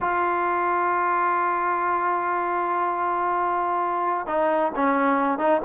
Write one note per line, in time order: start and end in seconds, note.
0.00 4.26 F4
4.26 4.71 D#4
4.75 5.38 C#4
5.38 5.61 D#4